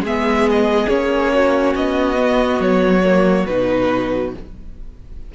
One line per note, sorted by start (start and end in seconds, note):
0.00 0.86 G#3
0.00 0.88 B3
0.00 1.33 G#4
0.00 0.49 E5
0.50 0.88 D#5
0.88 1.74 A#3
0.88 2.16 C#4
0.88 1.74 C#5
1.34 4.34 F#4
1.75 2.59 B3
1.75 2.61 D#5
2.16 3.01 B3
2.59 3.45 F#3
2.59 3.46 C#5
3.04 3.47 A#3
3.46 4.34 B2
3.46 4.34 D#4
3.46 4.32 B4